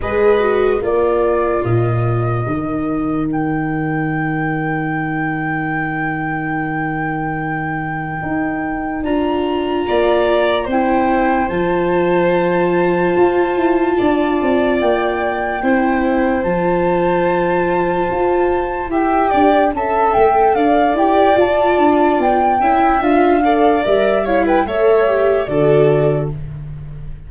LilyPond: <<
  \new Staff \with { instrumentName = "flute" } { \time 4/4 \tempo 4 = 73 dis''4 d''4 dis''2 | g''1~ | g''2. ais''4~ | ais''4 g''4 a''2~ |
a''2 g''2 | a''2. g''4 | a''8 g''8 f''8 g''8 a''4 g''4 | f''4 e''8 f''16 g''16 e''4 d''4 | }
  \new Staff \with { instrumentName = "violin" } { \time 4/4 b'4 ais'2.~ | ais'1~ | ais'1 | d''4 c''2.~ |
c''4 d''2 c''4~ | c''2. e''8 d''8 | e''4 d''2~ d''8 e''8~ | e''8 d''4 cis''16 b'16 cis''4 a'4 | }
  \new Staff \with { instrumentName = "viola" } { \time 4/4 gis'8 fis'8 f'2 dis'4~ | dis'1~ | dis'2. f'4~ | f'4 e'4 f'2~ |
f'2. e'4 | f'2. g'4 | a'4. g'8 f'4. e'8 | f'8 a'8 ais'8 e'8 a'8 g'8 fis'4 | }
  \new Staff \with { instrumentName = "tuba" } { \time 4/4 gis4 ais4 ais,4 dis4~ | dis1~ | dis2 dis'4 d'4 | ais4 c'4 f2 |
f'8 e'8 d'8 c'8 ais4 c'4 | f2 f'4 e'8 d'8 | cis'8 a8 d'8 e'8 f'8 d'8 b8 cis'8 | d'4 g4 a4 d4 | }
>>